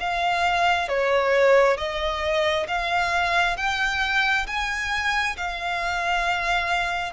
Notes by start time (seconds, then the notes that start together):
0.00 F5
0.88 C#5
1.77 D#5
2.67 F5
3.57 G5
4.47 G#5
5.36 F5